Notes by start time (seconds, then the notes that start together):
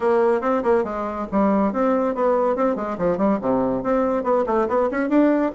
0.00 A#3
0.41 C4
0.63 A#3
0.84 G#3
1.31 G3
1.72 C4
2.15 B3
2.56 C4
2.75 G#3
2.97 F3
3.17 G3
3.41 C3
3.83 C4
4.23 B3
4.46 A3
4.68 B3
4.91 C#4
5.09 D4